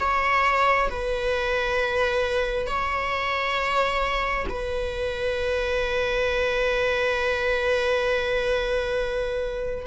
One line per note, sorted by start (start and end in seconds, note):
0.00 0.90 C#5
0.90 2.67 B4
2.67 4.46 C#5
4.49 9.87 B4